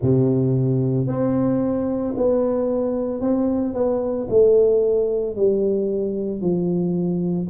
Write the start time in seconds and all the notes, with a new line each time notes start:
0.01 C3
1.07 C4
2.17 B3
3.20 C4
3.74 B3
4.29 A3
5.36 G3
6.40 F3